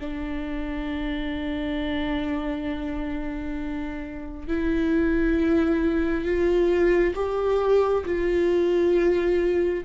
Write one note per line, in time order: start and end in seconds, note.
0.00 4.47 D4
4.47 6.24 E4
6.24 7.14 F4
7.15 8.04 G4
8.05 9.84 F4